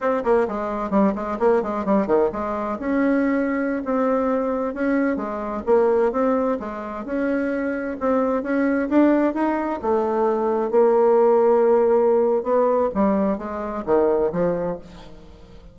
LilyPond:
\new Staff \with { instrumentName = "bassoon" } { \time 4/4 \tempo 4 = 130 c'8 ais8 gis4 g8 gis8 ais8 gis8 | g8 dis8 gis4 cis'2~ | cis'16 c'2 cis'4 gis8.~ | gis16 ais4 c'4 gis4 cis'8.~ |
cis'4~ cis'16 c'4 cis'4 d'8.~ | d'16 dis'4 a2 ais8.~ | ais2. b4 | g4 gis4 dis4 f4 | }